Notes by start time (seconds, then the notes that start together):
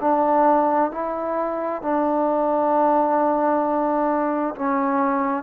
0.00 D4
0.91 E4
1.81 D4
4.55 C#4